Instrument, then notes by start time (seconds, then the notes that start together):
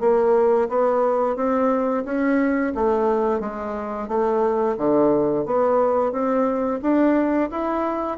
bassoon
0.00 A#3
0.69 B3
1.36 C4
2.05 C#4
2.75 A3
3.40 G#3
4.08 A3
4.77 D3
5.46 B3
6.12 C4
6.82 D4
7.50 E4